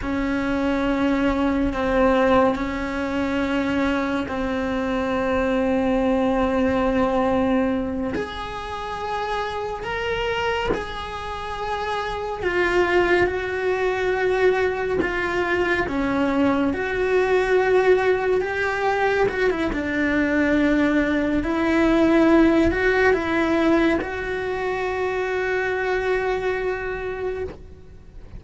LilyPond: \new Staff \with { instrumentName = "cello" } { \time 4/4 \tempo 4 = 70 cis'2 c'4 cis'4~ | cis'4 c'2.~ | c'4. gis'2 ais'8~ | ais'8 gis'2 f'4 fis'8~ |
fis'4. f'4 cis'4 fis'8~ | fis'4. g'4 fis'16 e'16 d'4~ | d'4 e'4. fis'8 e'4 | fis'1 | }